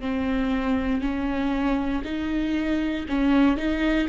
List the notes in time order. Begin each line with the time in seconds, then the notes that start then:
0.00 C4
1.01 C#4
2.04 D#4
3.08 C#4
3.57 D#4